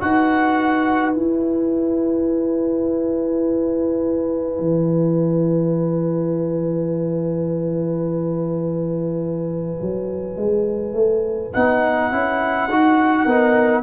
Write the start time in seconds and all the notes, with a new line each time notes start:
0.00 D#4 F#4 B4 F#5
1.12 E4 G#5
4.59 E3
9.81 F#3
10.36 G#3
10.93 A3
11.53 B3 D#4 F#5
12.12 C#4 E4
12.69 D#4 F#4
13.24 B3 D#4 A#4